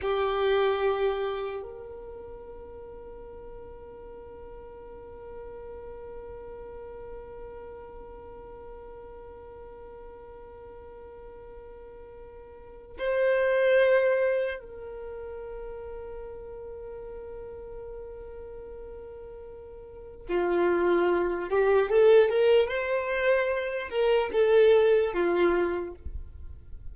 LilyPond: \new Staff \with { instrumentName = "violin" } { \time 4/4 \tempo 4 = 74 g'2 ais'2~ | ais'1~ | ais'1~ | ais'1 |
c''2 ais'2~ | ais'1~ | ais'4 f'4. g'8 a'8 ais'8 | c''4. ais'8 a'4 f'4 | }